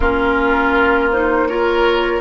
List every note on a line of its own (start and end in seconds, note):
0.00 2.21 A#3
0.00 1.12 C#4
0.00 1.47 F4
0.00 1.11 A#4
1.11 1.49 D#4
1.11 1.47 C5
1.47 2.21 F4
1.47 2.21 A#4
1.47 2.21 C#5